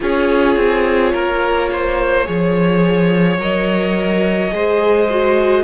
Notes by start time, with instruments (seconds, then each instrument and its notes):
0.00 cello C#4, viola F4, violin G#4 C#5
0.56 cello C4
1.12 cello A#3, violin A#4
1.72 violin C5
2.25 cello F3, viola G#4, violin C#5
3.37 cello F#3, viola A#4, violin D#5
4.51 cello G#3, viola G#4, violin C5
5.09 viola F#4